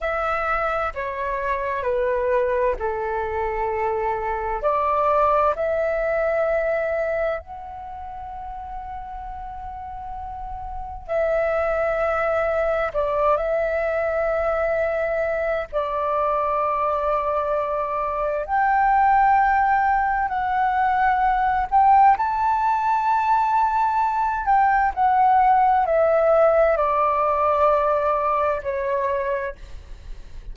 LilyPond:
\new Staff \with { instrumentName = "flute" } { \time 4/4 \tempo 4 = 65 e''4 cis''4 b'4 a'4~ | a'4 d''4 e''2 | fis''1 | e''2 d''8 e''4.~ |
e''4 d''2. | g''2 fis''4. g''8 | a''2~ a''8 g''8 fis''4 | e''4 d''2 cis''4 | }